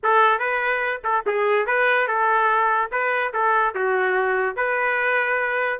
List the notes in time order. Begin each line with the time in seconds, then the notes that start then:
0.03 A4
0.39 B4
1.03 A4
1.26 G#4
1.66 B4
2.07 A4
2.91 B4
3.33 A4
3.74 F#4
4.56 B4